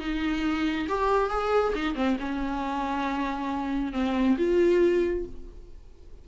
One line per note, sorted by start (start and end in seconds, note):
0.00 0.88 D#4
0.89 1.30 G4
1.30 1.74 G#4
1.75 1.95 D#4
1.95 2.17 C4
2.19 3.93 C#4
3.93 4.37 C4
4.38 5.25 F4